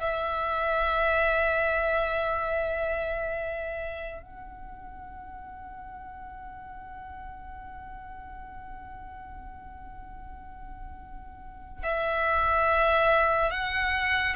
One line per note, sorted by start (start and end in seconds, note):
0.00 4.23 E5
4.23 11.83 F#5
11.83 13.51 E5
13.51 14.35 F#5